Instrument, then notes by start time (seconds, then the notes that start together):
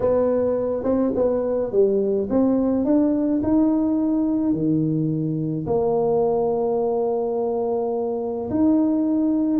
tuba
0.00 B3
0.83 C4
1.15 B3
1.72 G3
2.29 C4
2.85 D4
3.42 D#4
4.53 D#3
5.66 A#3
8.50 D#4